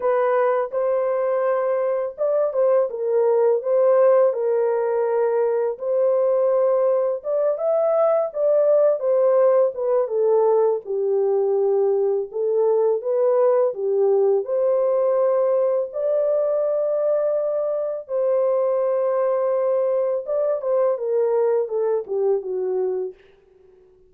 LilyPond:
\new Staff \with { instrumentName = "horn" } { \time 4/4 \tempo 4 = 83 b'4 c''2 d''8 c''8 | ais'4 c''4 ais'2 | c''2 d''8 e''4 d''8~ | d''8 c''4 b'8 a'4 g'4~ |
g'4 a'4 b'4 g'4 | c''2 d''2~ | d''4 c''2. | d''8 c''8 ais'4 a'8 g'8 fis'4 | }